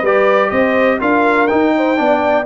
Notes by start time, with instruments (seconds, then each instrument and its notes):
0.00 tuba G3, horn B4, trumpet D5
0.06 trombone G4
0.49 tuba C4, horn C5, trumpet D#5
0.99 tuba D4, trombone F4, horn A#4, trumpet F5
1.47 trombone D#4, tuba D#4, trumpet G5
1.77 horn C5
1.96 tuba B3, trombone D4, horn D5